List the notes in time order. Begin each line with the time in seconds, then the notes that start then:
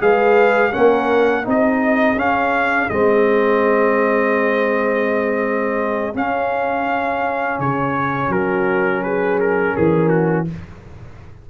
0.00 G#3 G#4 B4 F5
0.72 A#3 C#4 A#4 F#5
1.44 C4 D#4 G#4
1.50 D#5
2.16 C#4 F5
2.90 G#3 C4 D#5
6.14 C#4 F5
7.59 C#3 C#5
8.29 F#3 F#4 A#4
9.03 G#4 B4
9.40 A#4
9.75 E3 G#4 A#4
10.09 F#4